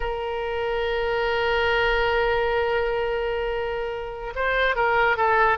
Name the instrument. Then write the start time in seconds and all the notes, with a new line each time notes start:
oboe
0.00 A#4
4.35 C5
4.75 A#4
5.16 A4